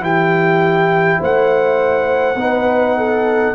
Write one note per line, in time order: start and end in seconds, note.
0.00 1.19 E3
0.00 2.35 E4
0.00 1.19 G4
0.00 1.21 G5
1.19 2.35 A3
1.19 2.37 C5
1.19 3.55 F#5
2.35 3.53 B3
2.35 3.55 D#4
2.35 2.97 B4
2.97 3.55 A4